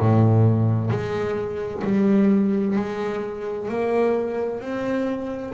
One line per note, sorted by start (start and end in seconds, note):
0.00 0.91 A2
0.91 1.83 G#3
1.85 2.77 G3
2.77 3.69 G#3
3.69 4.61 A#3
4.61 5.53 C4